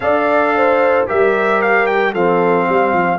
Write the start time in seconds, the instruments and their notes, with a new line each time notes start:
0.00 tuba D4, trombone A4, horn D5, trumpet F5
0.56 horn C5
1.07 tuba G3, trombone G4, horn A#4, trumpet E5
1.61 trumpet F5
1.86 trumpet G5
2.12 tuba F3, trombone C4, horn A4, trumpet F5
2.68 tuba G3, horn F5
2.93 tuba F3